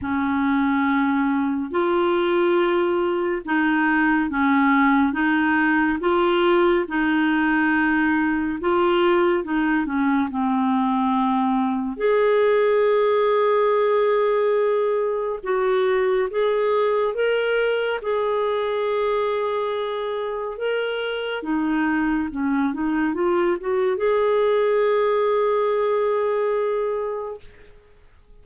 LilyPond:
\new Staff \with { instrumentName = "clarinet" } { \time 4/4 \tempo 4 = 70 cis'2 f'2 | dis'4 cis'4 dis'4 f'4 | dis'2 f'4 dis'8 cis'8 | c'2 gis'2~ |
gis'2 fis'4 gis'4 | ais'4 gis'2. | ais'4 dis'4 cis'8 dis'8 f'8 fis'8 | gis'1 | }